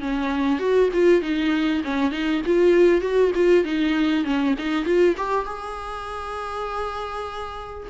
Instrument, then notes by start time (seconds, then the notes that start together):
viola
0.00 C#4
0.59 F#4
0.93 F4
1.21 D#4
1.84 C#4
2.11 D#4
2.46 F4
3.01 F#4
3.34 F4
3.64 D#4
4.24 C#4
4.58 D#4
4.85 F4
5.17 G4
5.45 G#4